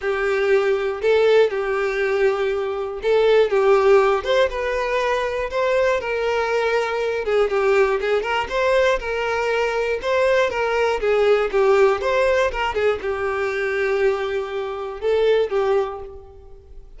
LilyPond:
\new Staff \with { instrumentName = "violin" } { \time 4/4 \tempo 4 = 120 g'2 a'4 g'4~ | g'2 a'4 g'4~ | g'8 c''8 b'2 c''4 | ais'2~ ais'8 gis'8 g'4 |
gis'8 ais'8 c''4 ais'2 | c''4 ais'4 gis'4 g'4 | c''4 ais'8 gis'8 g'2~ | g'2 a'4 g'4 | }